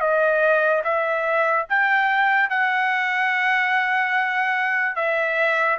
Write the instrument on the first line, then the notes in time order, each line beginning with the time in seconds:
trumpet
0.00 D#5
0.84 E5
1.69 G5
2.49 F#5
4.95 E5